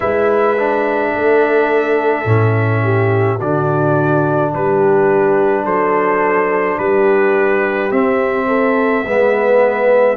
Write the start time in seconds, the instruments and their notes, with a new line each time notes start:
0.00 tuba G#3, trombone E4, horn B4, trumpet E5
0.58 trombone D4
1.14 tuba A3, horn A4
2.25 tuba A2, trombone C#4
2.83 horn G4
3.36 tuba D3, trombone D4, horn F#4, trumpet D5
4.54 tuba G3, horn G4, trumpet B4
5.64 tuba F#3, horn A4, trumpet C5
6.78 tuba G3, horn G4, trumpet B4
7.91 tuba C4, trombone C4, trumpet E5
8.47 horn A4
9.04 tuba G#3, trombone B3, horn B4